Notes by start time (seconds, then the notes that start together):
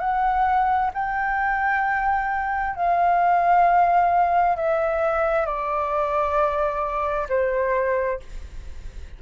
0.00 F#5
0.94 G5
2.76 F5
4.57 E5
5.46 D5
7.29 C5